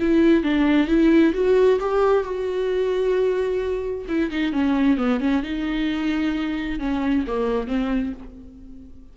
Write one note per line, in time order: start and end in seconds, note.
0.00 0.44 E4
0.44 0.88 D4
0.88 1.33 E4
1.34 1.80 F#4
1.80 2.24 G4
2.24 4.06 F#4
4.08 4.31 E4
4.31 4.53 D#4
4.53 4.98 C#4
4.98 5.21 B3
5.21 5.43 C#4
5.43 6.80 D#4
6.80 7.25 C#4
7.27 7.68 A#3
7.68 8.13 C4